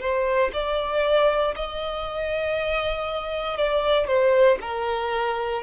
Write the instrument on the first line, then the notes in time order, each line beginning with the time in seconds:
violin
0.00 C5
0.53 D5
1.56 D#5
3.57 D5
4.07 C5
4.61 A#4